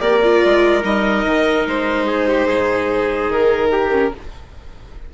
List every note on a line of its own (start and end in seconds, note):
0.00 0.42 A#3
0.00 0.21 G4
0.00 2.06 A#4
0.00 0.82 D5
0.23 0.81 F4
0.45 0.84 G#3
0.81 1.25 G3
0.81 3.89 D#4
0.81 1.67 D#5
1.25 1.66 D#3
1.66 2.46 G#3
1.66 3.32 C5
2.07 2.27 G#4
2.28 2.47 G4
2.46 3.28 G#2
2.46 3.70 G#4
3.29 4.11 D#3
3.29 4.14 A#4
3.72 4.13 G4
3.91 4.12 C#4